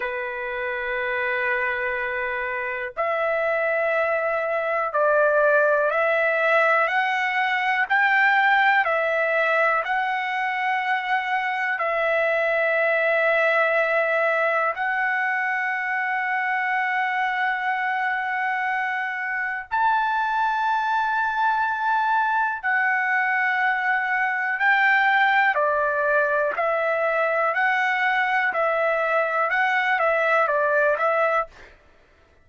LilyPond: \new Staff \with { instrumentName = "trumpet" } { \time 4/4 \tempo 4 = 61 b'2. e''4~ | e''4 d''4 e''4 fis''4 | g''4 e''4 fis''2 | e''2. fis''4~ |
fis''1 | a''2. fis''4~ | fis''4 g''4 d''4 e''4 | fis''4 e''4 fis''8 e''8 d''8 e''8 | }